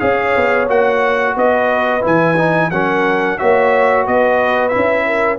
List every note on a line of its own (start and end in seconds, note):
0.00 0.36 C#4
0.00 0.68 G#4
0.00 1.36 C#5
0.00 0.67 F5
0.37 0.68 B3
0.68 1.36 A#3
0.68 2.02 F#4
0.68 1.37 F#5
1.37 2.04 B3
1.37 2.72 B4
1.37 2.05 D#5
2.02 2.72 E3
2.02 2.35 E4
2.02 2.71 G#5
2.38 2.72 D#4
2.71 3.39 F#3
2.71 3.39 C#4
2.71 3.39 A#4
2.71 3.38 F#5
3.38 4.08 A#3
3.38 4.71 F#4
3.38 4.05 C#5
3.38 4.06 E5
4.05 4.75 B3
4.05 5.06 B4
4.05 4.69 D#5
4.69 5.38 E4
4.69 5.37 E5
4.76 5.39 C#4
5.06 5.39 A#4